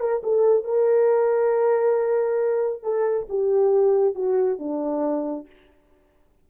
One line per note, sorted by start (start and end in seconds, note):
0.00 0.22 A#4
0.23 0.64 A4
0.64 2.83 A#4
2.83 3.27 A4
3.29 4.15 G4
4.15 4.59 F#4
4.59 5.46 D4